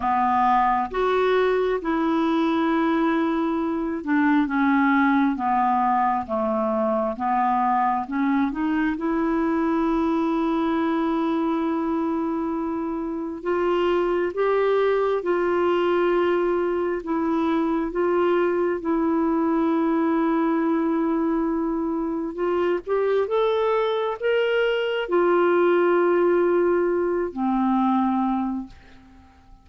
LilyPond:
\new Staff \with { instrumentName = "clarinet" } { \time 4/4 \tempo 4 = 67 b4 fis'4 e'2~ | e'8 d'8 cis'4 b4 a4 | b4 cis'8 dis'8 e'2~ | e'2. f'4 |
g'4 f'2 e'4 | f'4 e'2.~ | e'4 f'8 g'8 a'4 ais'4 | f'2~ f'8 c'4. | }